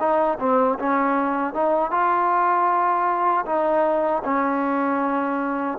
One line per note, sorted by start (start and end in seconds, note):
0.00 0.38 D#4
0.40 0.78 C4
0.80 1.54 C#4
1.54 1.92 D#4
1.92 3.45 F4
3.46 4.23 D#4
4.24 5.78 C#4